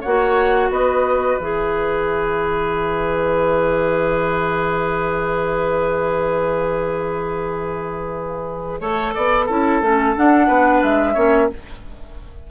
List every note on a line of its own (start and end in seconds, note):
0.00 0.70 A#3
0.00 1.40 F#4
0.00 0.67 C#5
0.00 0.70 F#5
0.70 1.37 B3
0.70 8.80 B4
0.70 1.38 D#5
1.38 8.80 E3
1.38 8.80 G#4
1.38 10.14 E5
8.80 9.14 A3
8.80 9.48 A4
8.80 9.14 C#5
9.14 9.49 B3
9.14 9.45 D5
9.45 9.81 C#4
9.45 9.81 E4
9.45 10.46 A4
9.81 10.15 A3
9.81 10.15 C#4
10.16 11.15 D4
10.16 10.48 D4
10.16 10.83 F#5
10.46 10.82 B3
10.46 11.13 B4
10.82 11.16 G#3
10.82 11.50 E5
11.13 11.49 A#3
11.13 11.48 C#4
11.13 11.47 C#5